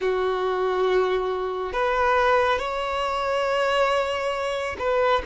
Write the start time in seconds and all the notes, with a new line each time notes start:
0.00 F#4
1.72 B4
2.58 C#5
4.78 B4